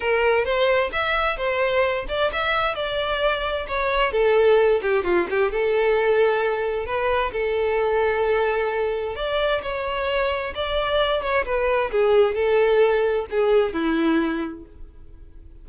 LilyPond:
\new Staff \with { instrumentName = "violin" } { \time 4/4 \tempo 4 = 131 ais'4 c''4 e''4 c''4~ | c''8 d''8 e''4 d''2 | cis''4 a'4. g'8 f'8 g'8 | a'2. b'4 |
a'1 | d''4 cis''2 d''4~ | d''8 cis''8 b'4 gis'4 a'4~ | a'4 gis'4 e'2 | }